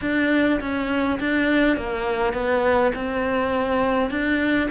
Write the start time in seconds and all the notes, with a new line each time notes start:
0.01 D4
0.60 C#4
1.20 D4
1.76 A#3
2.33 B3
2.95 C4
4.10 D4